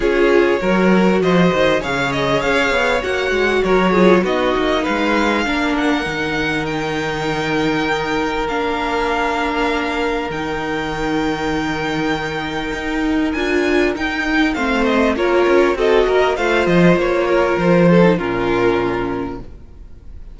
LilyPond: <<
  \new Staff \with { instrumentName = "violin" } { \time 4/4 \tempo 4 = 99 cis''2 dis''4 f''8 dis''8 | f''4 fis''4 cis''4 dis''4 | f''4. fis''4. g''4~ | g''2 f''2~ |
f''4 g''2.~ | g''2 gis''4 g''4 | f''8 dis''8 cis''4 dis''4 f''8 dis''8 | cis''4 c''4 ais'2 | }
  \new Staff \with { instrumentName = "violin" } { \time 4/4 gis'4 ais'4 c''4 cis''4~ | cis''2 ais'8 gis'8 fis'4 | b'4 ais'2.~ | ais'1~ |
ais'1~ | ais'1 | c''4 ais'4 a'8 ais'8 c''4~ | c''8 ais'4 a'8 f'2 | }
  \new Staff \with { instrumentName = "viola" } { \time 4/4 f'4 fis'2 gis'4~ | gis'4 fis'4. f'8 dis'4~ | dis'4 d'4 dis'2~ | dis'2 d'2~ |
d'4 dis'2.~ | dis'2 f'4 dis'4 | c'4 f'4 fis'4 f'4~ | f'4.~ f'16 dis'16 cis'2 | }
  \new Staff \with { instrumentName = "cello" } { \time 4/4 cis'4 fis4 f8 dis8 cis4 | cis'8 b8 ais8 gis8 fis4 b8 ais8 | gis4 ais4 dis2~ | dis2 ais2~ |
ais4 dis2.~ | dis4 dis'4 d'4 dis'4 | a4 ais8 cis'8 c'8 ais8 a8 f8 | ais4 f4 ais,2 | }
>>